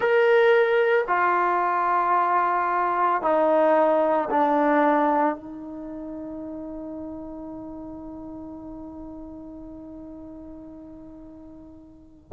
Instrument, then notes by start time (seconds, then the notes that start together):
trombone
0.00 A#4
1.07 F4
3.21 D#4
4.30 D4
5.35 D#4